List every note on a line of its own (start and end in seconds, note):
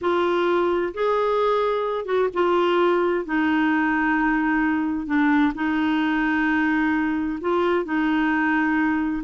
0.01 0.93 F4
0.93 2.05 G#4
2.05 2.28 F#4
2.33 3.25 F4
3.25 5.06 D#4
5.06 5.52 D4
5.54 7.39 D#4
7.40 7.84 F4
7.84 9.23 D#4